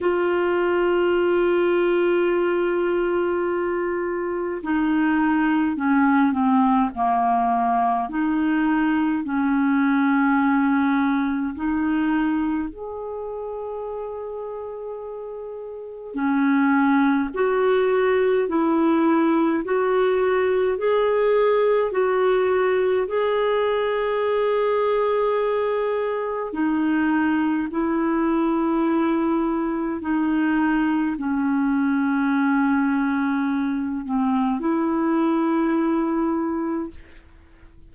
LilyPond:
\new Staff \with { instrumentName = "clarinet" } { \time 4/4 \tempo 4 = 52 f'1 | dis'4 cis'8 c'8 ais4 dis'4 | cis'2 dis'4 gis'4~ | gis'2 cis'4 fis'4 |
e'4 fis'4 gis'4 fis'4 | gis'2. dis'4 | e'2 dis'4 cis'4~ | cis'4. c'8 e'2 | }